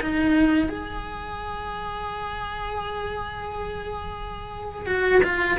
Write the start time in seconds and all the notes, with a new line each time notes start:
0.00 D#4
0.69 G#4
4.86 F#4
5.24 F4